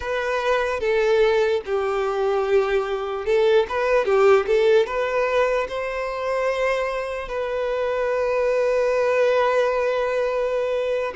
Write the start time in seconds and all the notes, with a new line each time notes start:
0.00 B4
0.80 A4
1.65 G4
3.25 A4
3.68 B4
4.05 G4
4.46 A4
4.86 B4
5.68 C5
7.28 B4